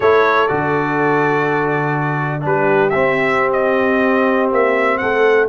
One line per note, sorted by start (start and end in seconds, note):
0.00 0.49 A3
0.00 0.48 E4
0.00 2.44 A4
0.00 0.47 C#5
0.47 2.44 D3
0.47 2.40 F#4
0.47 2.42 D5
2.40 2.93 G3
2.40 2.89 D4
2.40 2.89 B4
2.47 5.00 G4
2.89 4.51 C4
2.89 5.49 C4
2.89 3.50 E5
3.52 4.50 D#5
4.51 5.00 A#3
4.51 4.97 E5
4.97 5.49 A3
4.97 5.49 A4
4.97 5.46 F#5